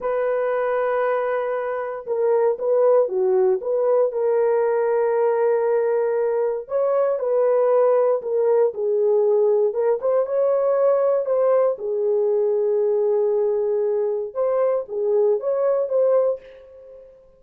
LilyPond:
\new Staff \with { instrumentName = "horn" } { \time 4/4 \tempo 4 = 117 b'1 | ais'4 b'4 fis'4 b'4 | ais'1~ | ais'4 cis''4 b'2 |
ais'4 gis'2 ais'8 c''8 | cis''2 c''4 gis'4~ | gis'1 | c''4 gis'4 cis''4 c''4 | }